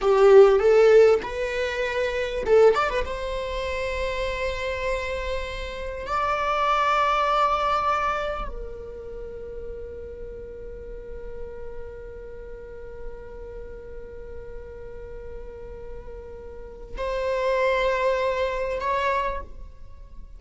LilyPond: \new Staff \with { instrumentName = "viola" } { \time 4/4 \tempo 4 = 99 g'4 a'4 b'2 | a'8 d''16 b'16 c''2.~ | c''2 d''2~ | d''2 ais'2~ |
ais'1~ | ais'1~ | ais'1 | c''2. cis''4 | }